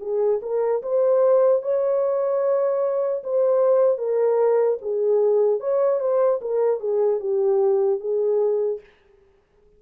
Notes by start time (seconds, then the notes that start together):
0.00 G#4
0.42 A#4
0.83 C5
1.63 C#5
3.23 C5
3.98 A#4
4.81 G#4
5.60 C#5
6.00 C5
6.41 A#4
6.80 G#4
7.20 G4
8.00 G#4